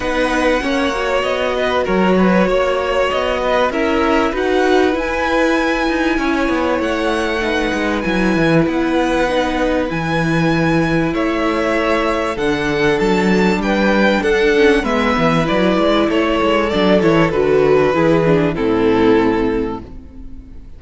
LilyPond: <<
  \new Staff \with { instrumentName = "violin" } { \time 4/4 \tempo 4 = 97 fis''2 dis''4 cis''4~ | cis''4 dis''4 e''4 fis''4 | gis''2. fis''4~ | fis''4 gis''4 fis''2 |
gis''2 e''2 | fis''4 a''4 g''4 fis''4 | e''4 d''4 cis''4 d''8 cis''8 | b'2 a'2 | }
  \new Staff \with { instrumentName = "violin" } { \time 4/4 b'4 cis''4. b'8 ais'8 b'8 | cis''4. b'8 ais'4 b'4~ | b'2 cis''2 | b'1~ |
b'2 cis''2 | a'2 b'4 a'4 | b'2 a'2~ | a'4 gis'4 e'2 | }
  \new Staff \with { instrumentName = "viola" } { \time 4/4 dis'4 cis'8 fis'2~ fis'8~ | fis'2 e'4 fis'4 | e'1 | dis'4 e'2 dis'4 |
e'1 | d'2.~ d'8 cis'8 | b4 e'2 d'8 e'8 | fis'4 e'8 d'8 c'2 | }
  \new Staff \with { instrumentName = "cello" } { \time 4/4 b4 ais4 b4 fis4 | ais4 b4 cis'4 dis'4 | e'4. dis'8 cis'8 b8 a4~ | a8 gis8 fis8 e8 b2 |
e2 a2 | d4 fis4 g4 d'4 | gis8 e8 fis8 gis8 a8 gis8 fis8 e8 | d4 e4 a,2 | }
>>